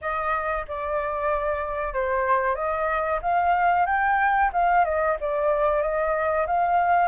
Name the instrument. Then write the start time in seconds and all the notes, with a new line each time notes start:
flute
0.01 D#5
0.68 D5
1.93 C5
2.55 D#5
3.21 F5
3.86 G5
4.52 F5
4.84 D#5
5.20 D5
5.82 D#5
6.47 F5